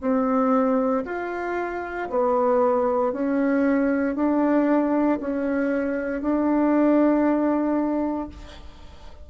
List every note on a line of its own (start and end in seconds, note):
0.00 1.03 C4
1.05 2.08 F4
2.10 3.12 B3
3.12 4.15 C#4
4.15 5.19 D4
5.20 6.22 C#4
6.22 8.29 D4